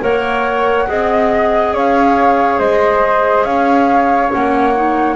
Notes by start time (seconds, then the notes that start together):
0.00 A#3 A#4 C#5 F#5
0.87 C4 G#4 D#5
1.73 C#4 C#5 F5
2.59 G#3 C5 D#5
3.44 C#4 C#5 F5
4.30 A#3 C#4 F#5
4.75 D#4